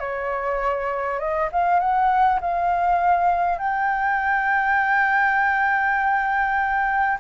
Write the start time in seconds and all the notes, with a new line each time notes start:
0.00 C#5
1.20 D#5
1.52 F5
1.80 F#5
2.41 F5
3.59 G5